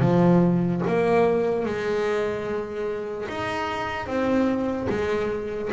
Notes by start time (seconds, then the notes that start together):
0.00 F3
0.87 A#3
1.65 G#3
3.28 D#4
4.06 C4
4.89 G#3